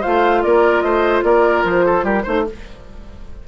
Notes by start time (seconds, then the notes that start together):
0.00 A3 F4 C5 F5
0.43 A#3 A#4 D5
0.81 A3 C5 D#5
1.23 A#3 A#4 D5
1.64 F3 C5
1.85 A4
2.03 G3 G4 A#4
2.23 A3 D#4 C5